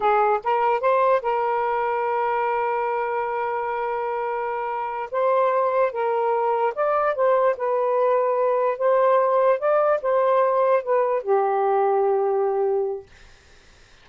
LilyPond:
\new Staff \with { instrumentName = "saxophone" } { \time 4/4 \tempo 4 = 147 gis'4 ais'4 c''4 ais'4~ | ais'1~ | ais'1~ | ais'8 c''2 ais'4.~ |
ais'8 d''4 c''4 b'4.~ | b'4. c''2 d''8~ | d''8 c''2 b'4 g'8~ | g'1 | }